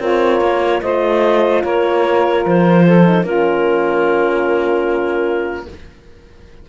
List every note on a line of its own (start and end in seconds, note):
0.00 0.41 C4
0.00 0.82 F4
0.00 0.81 A#4
0.00 0.82 C#5
0.41 0.81 A#3
0.82 1.64 A3
0.82 3.04 F4
0.82 1.63 C5
0.82 1.63 D#5
1.63 2.45 A#3
1.63 2.85 A#4
1.63 2.44 C#5
2.46 3.23 F3
2.46 3.26 C5
2.86 3.24 A4
3.04 3.24 D#4
3.23 5.66 A#3
3.23 5.67 C#4
3.23 5.67 F4
3.23 5.69 A#4